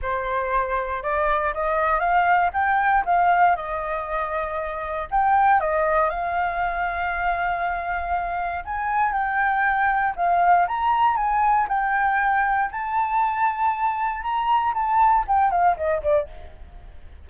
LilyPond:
\new Staff \with { instrumentName = "flute" } { \time 4/4 \tempo 4 = 118 c''2 d''4 dis''4 | f''4 g''4 f''4 dis''4~ | dis''2 g''4 dis''4 | f''1~ |
f''4 gis''4 g''2 | f''4 ais''4 gis''4 g''4~ | g''4 a''2. | ais''4 a''4 g''8 f''8 dis''8 d''8 | }